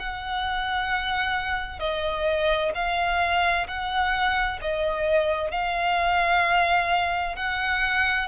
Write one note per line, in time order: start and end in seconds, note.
0.00 1.80 F#5
1.80 2.72 D#5
2.75 3.67 F5
3.68 4.60 F#5
4.62 5.52 D#5
5.52 7.36 F5
7.36 8.29 F#5